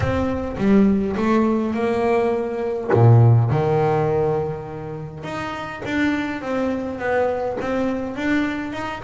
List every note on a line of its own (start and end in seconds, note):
0.00 0.56 C4
0.57 1.15 G3
1.17 1.73 A3
1.73 2.90 A#3
2.93 3.50 A#2
3.50 5.23 D#3
5.23 5.81 D#4
5.85 6.41 D4
6.41 6.99 C4
6.99 7.57 B3
7.60 8.16 C4
8.16 8.72 D4
8.72 9.01 D#4